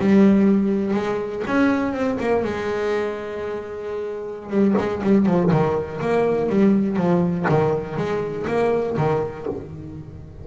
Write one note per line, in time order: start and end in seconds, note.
0.00 0.95 G3
0.95 1.44 G#3
1.48 1.94 C#4
1.94 2.19 C4
2.20 2.45 A#3
2.45 4.50 G#3
4.50 4.75 G3
4.78 5.03 G#3
5.04 5.27 G3
5.27 5.51 F3
5.52 6.01 D#3
6.02 6.50 A#3
6.50 6.97 G3
6.97 7.46 F3
7.49 7.97 D#3
7.97 8.47 G#3
8.48 8.97 A#3
8.98 9.47 D#3